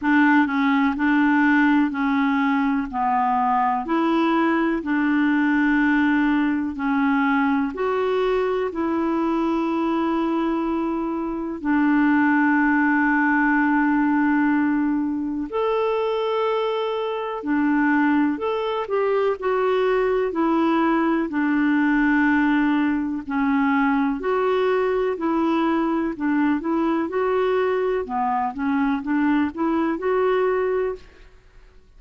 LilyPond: \new Staff \with { instrumentName = "clarinet" } { \time 4/4 \tempo 4 = 62 d'8 cis'8 d'4 cis'4 b4 | e'4 d'2 cis'4 | fis'4 e'2. | d'1 |
a'2 d'4 a'8 g'8 | fis'4 e'4 d'2 | cis'4 fis'4 e'4 d'8 e'8 | fis'4 b8 cis'8 d'8 e'8 fis'4 | }